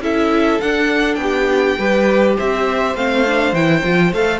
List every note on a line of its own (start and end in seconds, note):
0.00 0.59 C#4
0.00 0.61 E4
0.00 1.20 A4
0.00 0.61 E5
0.61 1.17 D4
0.61 1.79 D4
0.61 1.15 F#5
1.15 1.76 B3
1.15 2.32 G5
1.22 1.79 G4
1.78 2.37 G3
1.78 2.95 G4
1.78 2.36 B4
2.36 2.95 C4
2.36 4.39 C5
2.36 2.96 E5
2.95 3.53 A3
2.95 3.25 C4
2.95 3.54 F5
3.26 3.55 D4
3.53 3.82 E3
3.53 3.83 E4
3.53 4.13 G5
3.83 4.12 F3
3.83 4.12 F4
4.12 4.39 A3
4.12 4.39 A4
4.12 4.39 F5